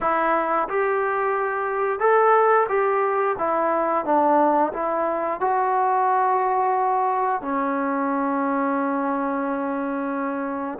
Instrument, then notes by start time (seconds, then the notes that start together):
trombone
0.01 E4
0.68 G4
1.99 A4
2.68 G4
3.38 E4
4.04 D4
4.73 E4
5.40 F#4
7.41 C#4